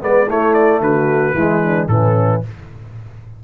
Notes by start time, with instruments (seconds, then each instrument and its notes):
0.00 tuba G#3, trombone B3, horn B4, trumpet D5
0.27 trombone A3, tuba A3, horn E4, trumpet C#5
0.53 trumpet D5
0.80 tuba D3, horn F#4, trumpet B4
1.33 tuba E3, trombone G#3, horn E4
1.62 horn D4
1.87 tuba A2, trombone E3, horn C#4, trumpet A4